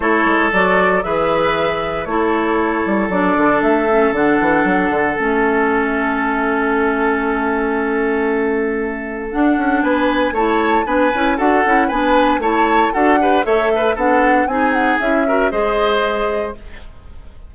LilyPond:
<<
  \new Staff \with { instrumentName = "flute" } { \time 4/4 \tempo 4 = 116 cis''4 d''4 e''2 | cis''2 d''4 e''4 | fis''2 e''2~ | e''1~ |
e''2 fis''4 gis''4 | a''4 gis''4 fis''4 gis''4 | a''4 fis''4 e''4 fis''4 | gis''8 fis''8 e''4 dis''2 | }
  \new Staff \with { instrumentName = "oboe" } { \time 4/4 a'2 b'2 | a'1~ | a'1~ | a'1~ |
a'2. b'4 | cis''4 b'4 a'4 b'4 | cis''4 a'8 b'8 cis''8 b'8 a'4 | gis'4. ais'8 c''2 | }
  \new Staff \with { instrumentName = "clarinet" } { \time 4/4 e'4 fis'4 gis'2 | e'2 d'4. cis'8 | d'2 cis'2~ | cis'1~ |
cis'2 d'2 | e'4 d'8 e'8 fis'8 e'8 d'4 | e'4 fis'8 g'8 a'4 d'4 | dis'4 e'8 fis'8 gis'2 | }
  \new Staff \with { instrumentName = "bassoon" } { \time 4/4 a8 gis8 fis4 e2 | a4. g8 fis8 d8 a4 | d8 e8 fis8 d8 a2~ | a1~ |
a2 d'8 cis'8 b4 | a4 b8 cis'8 d'8 cis'8 b4 | a4 d'4 a4 b4 | c'4 cis'4 gis2 | }
>>